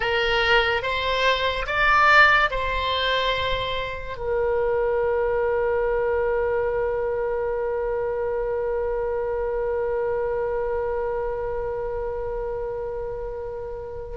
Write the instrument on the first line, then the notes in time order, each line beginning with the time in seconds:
oboe
0.00 A#4
0.82 C5
1.66 D5
2.50 C5
4.17 A#4